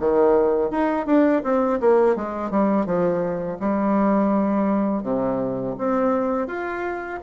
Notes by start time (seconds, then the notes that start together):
0.00 D#3
0.71 D#4
1.06 D4
1.44 C4
1.80 A#3
2.16 G#3
2.50 G3
2.86 F3
3.59 G3
5.03 C3
5.78 C4
6.48 F4